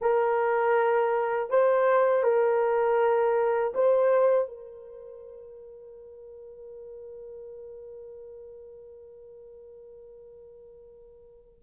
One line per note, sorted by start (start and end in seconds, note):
0.01 1.50 A#4
1.50 2.23 C5
2.23 3.73 A#4
3.74 4.48 C5
4.48 11.60 A#4